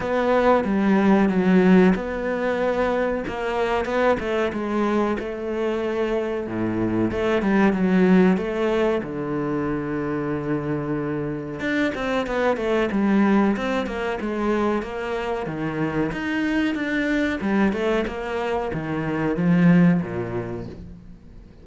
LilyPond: \new Staff \with { instrumentName = "cello" } { \time 4/4 \tempo 4 = 93 b4 g4 fis4 b4~ | b4 ais4 b8 a8 gis4 | a2 a,4 a8 g8 | fis4 a4 d2~ |
d2 d'8 c'8 b8 a8 | g4 c'8 ais8 gis4 ais4 | dis4 dis'4 d'4 g8 a8 | ais4 dis4 f4 ais,4 | }